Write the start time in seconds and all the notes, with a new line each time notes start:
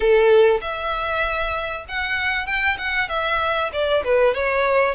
0.00 A4
0.61 E5
1.88 F#5
2.46 G5
2.78 F#5
3.08 E5
3.72 D5
4.04 B4
4.34 C#5